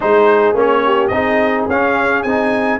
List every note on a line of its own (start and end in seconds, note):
0.00 0.53 G#3
0.00 0.54 D#4
0.00 0.85 G#4
0.00 0.56 C5
0.53 1.09 A#3
0.53 1.11 C#4
0.53 1.07 C#5
0.85 1.12 G4
1.07 1.66 C4
1.07 1.69 D#4
1.07 2.79 G#4
1.07 1.63 D#5
1.68 2.23 C#4
1.68 2.26 C#4
1.68 2.23 F5
2.23 2.79 C4
2.23 2.79 D#4
2.23 2.79 G#5